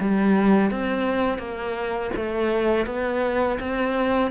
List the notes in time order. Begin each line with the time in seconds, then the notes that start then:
0.00 G3
0.71 C4
1.38 A#3
2.16 A3
2.86 B3
3.59 C4